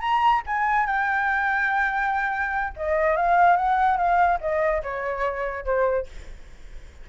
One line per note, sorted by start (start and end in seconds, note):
0.00 0.42 A#5
0.46 0.86 G#5
0.86 2.73 G5
2.76 3.16 D#5
3.16 3.56 F5
3.56 3.97 F#5
3.97 4.38 F5
4.41 4.82 D#5
4.83 5.64 C#5
5.64 6.06 C5